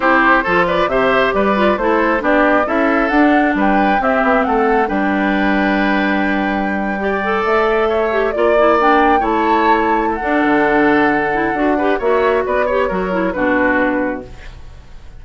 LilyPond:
<<
  \new Staff \with { instrumentName = "flute" } { \time 4/4 \tempo 4 = 135 c''4. d''8 e''4 d''4 | c''4 d''4 e''4 fis''4 | g''4 e''4 fis''4 g''4~ | g''1~ |
g''8. e''2 d''4 g''16~ | g''8. a''2 fis''4~ fis''16~ | fis''2. e''4 | d''8 cis''4. b'2 | }
  \new Staff \with { instrumentName = "oboe" } { \time 4/4 g'4 a'8 b'8 c''4 b'4 | a'4 g'4 a'2 | b'4 g'4 a'4 b'4~ | b'2.~ b'8. d''16~ |
d''4.~ d''16 cis''4 d''4~ d''16~ | d''8. cis''2 a'4~ a'16~ | a'2~ a'8 b'8 cis''4 | b'8 cis''8 ais'4 fis'2 | }
  \new Staff \with { instrumentName = "clarinet" } { \time 4/4 e'4 f'4 g'4. f'8 | e'4 d'4 e'4 d'4~ | d'4 c'2 d'4~ | d'2.~ d'8. g'16~ |
g'16 a'2 g'8 f'8 e'8 d'16~ | d'8. e'2~ e'16 d'4~ | d'4. e'8 fis'8 g'8 fis'4~ | fis'8 g'8 fis'8 e'8 d'2 | }
  \new Staff \with { instrumentName = "bassoon" } { \time 4/4 c'4 f4 c4 g4 | a4 b4 cis'4 d'4 | g4 c'8 b8 a4 g4~ | g1~ |
g8. a2 ais4~ ais16~ | ais8. a2~ a16 d'8 d8~ | d2 d'4 ais4 | b4 fis4 b,2 | }
>>